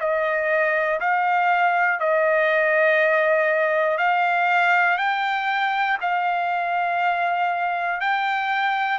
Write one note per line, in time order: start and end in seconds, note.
0.00 1.00 D#5
1.00 2.00 F5
2.00 3.98 D#5
3.98 4.98 F5
4.98 5.98 G5
6.01 8.00 F5
8.00 8.99 G5